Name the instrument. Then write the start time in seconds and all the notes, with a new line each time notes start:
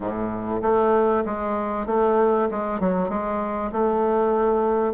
bassoon
0.00 A2
0.62 A3
1.25 G#3
1.86 A3
2.50 G#3
2.80 F#3
3.09 G#3
3.71 A3